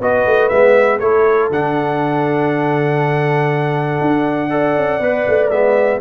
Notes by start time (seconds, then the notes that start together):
0.00 B3 F#4 B4 D#5
0.26 A3
0.48 G#3 B3 E5
0.99 A3 E4 A4 C#5
1.50 D3 D4 F#5
4.01 D4
4.50 A4 D5
4.76 C#4
5.00 B3 B4
5.27 A3
5.50 G#3 B3 E5